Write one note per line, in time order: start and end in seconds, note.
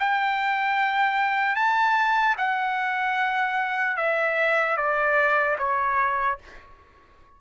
0.00 1.56 G5
1.56 2.36 A5
2.38 3.97 F#5
3.97 4.77 E5
4.77 5.57 D5
5.59 6.39 C#5